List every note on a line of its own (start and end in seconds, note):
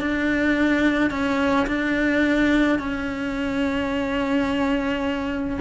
0.00 1.10 D4
1.10 1.66 C#4
1.67 2.79 D4
2.79 5.59 C#4